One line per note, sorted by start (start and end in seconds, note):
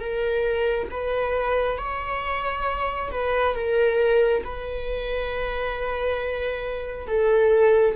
0.00 0.88 A#4
0.91 1.78 B4
1.78 3.10 C#5
3.10 3.55 B4
3.55 4.43 A#4
4.44 7.07 B4
7.07 7.95 A4